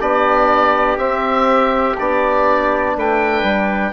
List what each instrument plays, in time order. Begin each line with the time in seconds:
0.00 bassoon B3, trombone D4, trumpet G4, oboe D5
0.97 bassoon C4, trombone C4, oboe E5
1.98 bassoon B3, trombone D4, oboe D5
2.96 bassoon A3, trumpet B4, oboe G5
3.43 bassoon G3